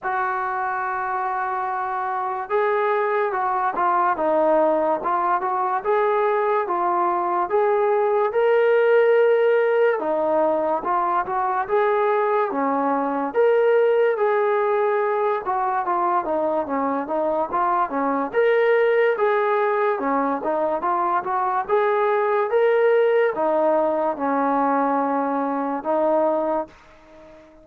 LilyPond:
\new Staff \with { instrumentName = "trombone" } { \time 4/4 \tempo 4 = 72 fis'2. gis'4 | fis'8 f'8 dis'4 f'8 fis'8 gis'4 | f'4 gis'4 ais'2 | dis'4 f'8 fis'8 gis'4 cis'4 |
ais'4 gis'4. fis'8 f'8 dis'8 | cis'8 dis'8 f'8 cis'8 ais'4 gis'4 | cis'8 dis'8 f'8 fis'8 gis'4 ais'4 | dis'4 cis'2 dis'4 | }